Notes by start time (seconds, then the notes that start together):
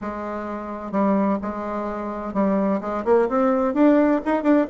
0.01 G#3
0.91 G3
1.41 G#3
2.33 G3
2.81 G#3
3.04 A#3
3.28 C4
3.74 D4
4.25 D#4
4.43 D4